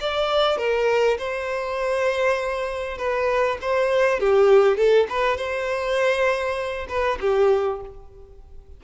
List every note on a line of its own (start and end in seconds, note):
0.00 0.58 D5
0.58 1.18 A#4
1.18 2.98 C5
2.98 3.58 B4
3.61 4.20 C5
4.20 4.77 G4
4.77 5.07 A4
5.09 5.37 B4
5.37 6.87 C5
6.89 7.19 B4
7.21 7.81 G4